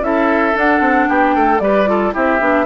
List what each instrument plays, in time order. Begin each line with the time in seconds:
0.00 bassoon C#4, clarinet E4, oboe A4, flute E5
0.54 clarinet D4, bassoon D4, flute F#5
0.80 bassoon C4
1.09 bassoon B3, oboe G4, flute G5
1.35 bassoon A3, oboe A4
1.59 bassoon G3, clarinet G4, oboe B4, flute D5
1.87 clarinet F4, oboe A4
2.12 bassoon C4, clarinet E4, oboe G4, flute E5
2.40 bassoon B3, clarinet D4